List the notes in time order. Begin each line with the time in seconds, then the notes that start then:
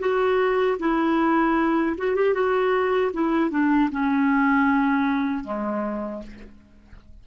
0.00 F#4
0.79 E4
1.98 F#4
2.16 G4
2.34 F#4
3.13 E4
3.51 D4
3.91 C#4
5.44 G#3